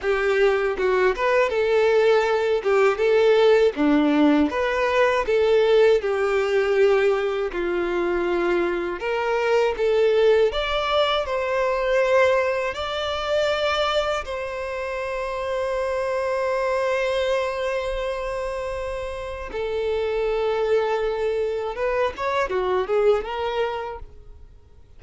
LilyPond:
\new Staff \with { instrumentName = "violin" } { \time 4/4 \tempo 4 = 80 g'4 fis'8 b'8 a'4. g'8 | a'4 d'4 b'4 a'4 | g'2 f'2 | ais'4 a'4 d''4 c''4~ |
c''4 d''2 c''4~ | c''1~ | c''2 a'2~ | a'4 b'8 cis''8 fis'8 gis'8 ais'4 | }